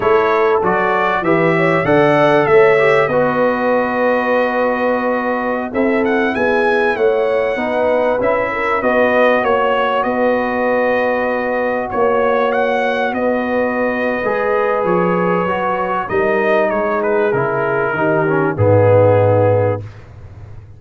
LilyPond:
<<
  \new Staff \with { instrumentName = "trumpet" } { \time 4/4 \tempo 4 = 97 cis''4 d''4 e''4 fis''4 | e''4 dis''2.~ | dis''4~ dis''16 e''8 fis''8 gis''4 fis''8.~ | fis''4~ fis''16 e''4 dis''4 cis''8.~ |
cis''16 dis''2. cis''8.~ | cis''16 fis''4 dis''2~ dis''8. | cis''2 dis''4 cis''8 b'8 | ais'2 gis'2 | }
  \new Staff \with { instrumentName = "horn" } { \time 4/4 a'2 b'8 cis''8 d''4 | cis''4 b'2.~ | b'4~ b'16 a'4 gis'4 cis''8.~ | cis''16 b'4. ais'8 b'4 cis''8.~ |
cis''16 b'2. cis''8.~ | cis''4~ cis''16 b'2~ b'8.~ | b'2 ais'4 gis'4~ | gis'4 g'4 dis'2 | }
  \new Staff \with { instrumentName = "trombone" } { \time 4/4 e'4 fis'4 g'4 a'4~ | a'8 g'8 fis'2.~ | fis'4~ fis'16 e'2~ e'8.~ | e'16 dis'4 e'4 fis'4.~ fis'16~ |
fis'1~ | fis'2. gis'4~ | gis'4 fis'4 dis'2 | e'4 dis'8 cis'8 b2 | }
  \new Staff \with { instrumentName = "tuba" } { \time 4/4 a4 fis4 e4 d4 | a4 b2.~ | b4~ b16 c'4 b4 a8.~ | a16 b4 cis'4 b4 ais8.~ |
ais16 b2. ais8.~ | ais4~ ais16 b4.~ b16 gis4 | f4 fis4 g4 gis4 | cis4 dis4 gis,2 | }
>>